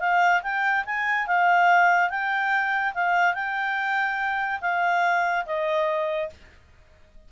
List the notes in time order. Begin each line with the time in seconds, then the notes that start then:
0.00 F5
0.43 G5
0.85 G#5
1.27 F5
2.10 G5
2.94 F5
3.34 G5
4.61 F5
5.46 D#5